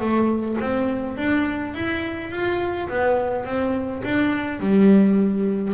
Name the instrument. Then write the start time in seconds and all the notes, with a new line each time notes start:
double bass
0.00 A3
0.61 C4
1.17 D4
1.74 E4
2.31 F4
2.89 B3
3.45 C4
4.04 D4
4.60 G3